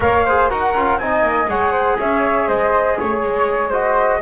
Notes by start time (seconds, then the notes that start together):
0.00 A#3 A#4 C#5 F5
0.25 G#4 C5
0.49 D#4 F#4 A#4 F#5
0.74 C#4 F4
0.97 C4 D#4 D#5 G#5
1.22 A#3
1.47 G#3 G#4 C#5 F#5
1.71 C5
1.99 C#4 C#5 E5
2.47 G#3 C5 D#5
2.98 A3 C#5
3.23 G#3
3.69 F#4 C5 D#5